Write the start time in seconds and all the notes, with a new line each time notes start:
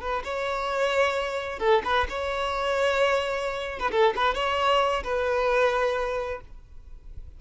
0.00 B4
0.23 C#5
1.59 A4
1.84 B4
2.09 C#5
3.79 B4
3.91 A4
4.16 B4
4.34 C#5
5.03 B4